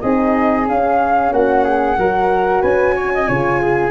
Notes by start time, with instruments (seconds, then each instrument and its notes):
0.00 tuba C4, horn D#4, flute G#4 D#5
0.68 tuba C#4, horn C#4, flute F5
1.32 tuba A#3, flute F#4 F#5
1.64 flute G#4
1.97 tuba F#3, horn F#4, flute A#4
2.61 tuba C#4, flute B4 G#5
2.95 flute C#5
3.14 flute D#5
3.26 tuba C#3, horn F4, flute C#5
3.61 flute G#4